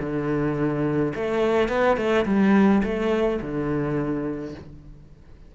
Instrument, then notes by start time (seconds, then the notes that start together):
cello
0.00 D3
1.15 A3
1.69 B3
1.97 A3
2.26 G3
2.84 A3
3.42 D3